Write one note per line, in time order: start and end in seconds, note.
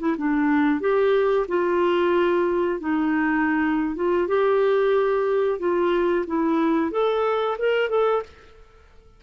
0.00 0.16 E4
0.18 0.81 D4
0.81 1.47 G4
1.49 2.81 F4
2.81 3.96 D#4
3.96 4.28 F4
4.28 5.60 G4
5.60 6.25 F4
6.27 6.92 E4
6.92 7.58 A4
7.59 7.90 A#4
7.90 8.23 A4